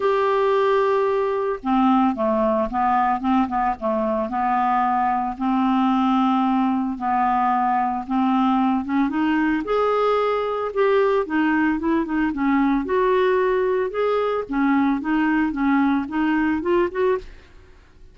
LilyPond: \new Staff \with { instrumentName = "clarinet" } { \time 4/4 \tempo 4 = 112 g'2. c'4 | a4 b4 c'8 b8 a4 | b2 c'2~ | c'4 b2 c'4~ |
c'8 cis'8 dis'4 gis'2 | g'4 dis'4 e'8 dis'8 cis'4 | fis'2 gis'4 cis'4 | dis'4 cis'4 dis'4 f'8 fis'8 | }